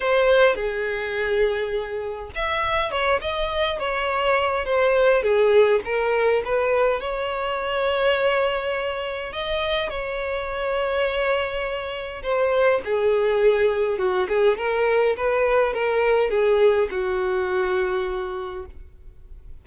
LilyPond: \new Staff \with { instrumentName = "violin" } { \time 4/4 \tempo 4 = 103 c''4 gis'2. | e''4 cis''8 dis''4 cis''4. | c''4 gis'4 ais'4 b'4 | cis''1 |
dis''4 cis''2.~ | cis''4 c''4 gis'2 | fis'8 gis'8 ais'4 b'4 ais'4 | gis'4 fis'2. | }